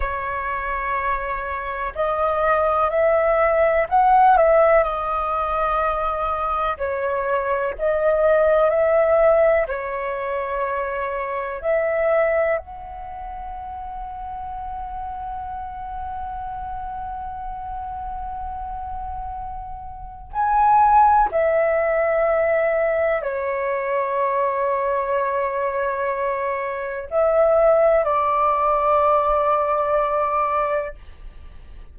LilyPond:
\new Staff \with { instrumentName = "flute" } { \time 4/4 \tempo 4 = 62 cis''2 dis''4 e''4 | fis''8 e''8 dis''2 cis''4 | dis''4 e''4 cis''2 | e''4 fis''2.~ |
fis''1~ | fis''4 gis''4 e''2 | cis''1 | e''4 d''2. | }